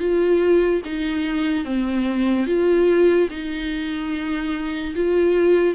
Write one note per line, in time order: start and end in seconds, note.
0.00 0.82 F4
0.86 1.65 D#4
1.65 2.47 C4
2.47 3.29 F4
3.31 4.95 D#4
4.96 5.75 F4